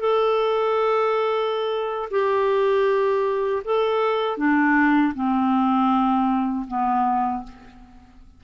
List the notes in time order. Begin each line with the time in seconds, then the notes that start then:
0.00 A4
2.11 G4
3.64 A4
4.37 D4
5.14 C4
6.67 B3